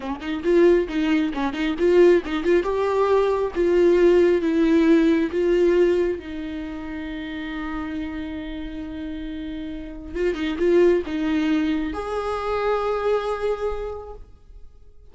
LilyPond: \new Staff \with { instrumentName = "viola" } { \time 4/4 \tempo 4 = 136 cis'8 dis'8 f'4 dis'4 cis'8 dis'8 | f'4 dis'8 f'8 g'2 | f'2 e'2 | f'2 dis'2~ |
dis'1~ | dis'2. f'8 dis'8 | f'4 dis'2 gis'4~ | gis'1 | }